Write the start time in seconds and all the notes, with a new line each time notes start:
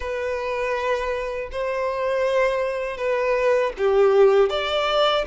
0.00 B4
1.51 C5
2.97 B4
3.77 G4
4.49 D5